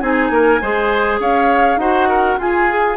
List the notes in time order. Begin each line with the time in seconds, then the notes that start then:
0.00 C4 D#4 G#4 G#5
0.30 A#3 A#4
0.61 G#3 G#4 C5
1.19 C#4 C#5 F5
1.76 D#4 F#4 C5 F#5
2.08 A#4
2.37 F4 G#4 G#5
2.69 G#4